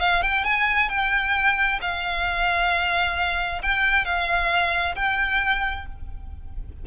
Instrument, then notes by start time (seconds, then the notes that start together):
violin
0.00 F5
0.23 G5
0.44 G#5
0.89 G5
1.81 F5
3.62 G5
4.05 F5
4.96 G5